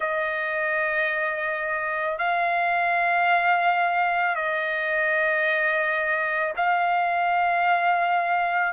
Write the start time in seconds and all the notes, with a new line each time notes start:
0.00 D#5
2.18 F5
4.35 D#5
6.56 F5